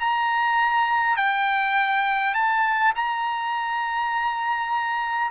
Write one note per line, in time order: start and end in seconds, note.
0.00 1.17 A#5
1.17 2.34 G5
2.34 2.93 A5
2.96 5.31 A#5